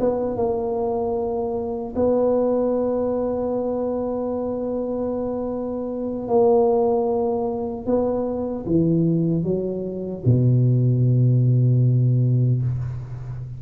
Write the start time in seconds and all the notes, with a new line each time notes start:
0.00 B3
0.36 A#3
1.96 B3
6.28 A#3
7.86 B3
8.66 E3
9.44 F#3
10.25 B2